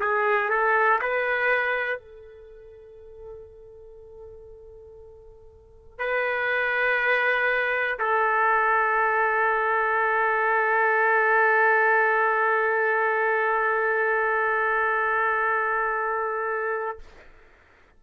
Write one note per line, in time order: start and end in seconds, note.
0.00 0.50 G#4
0.50 1.00 A4
1.01 2.00 B4
2.00 5.99 A4
5.99 7.99 B4
8.00 17.00 A4